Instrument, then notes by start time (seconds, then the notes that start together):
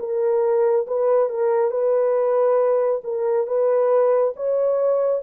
horn
0.00 A#4
0.87 B4
1.30 A#4
1.72 B4
3.04 A#4
3.47 B4
4.37 C#5